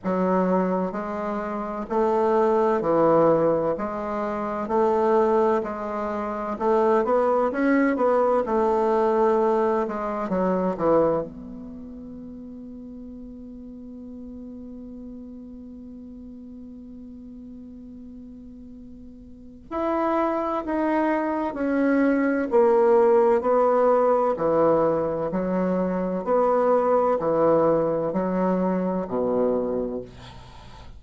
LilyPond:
\new Staff \with { instrumentName = "bassoon" } { \time 4/4 \tempo 4 = 64 fis4 gis4 a4 e4 | gis4 a4 gis4 a8 b8 | cis'8 b8 a4. gis8 fis8 e8 | b1~ |
b1~ | b4 e'4 dis'4 cis'4 | ais4 b4 e4 fis4 | b4 e4 fis4 b,4 | }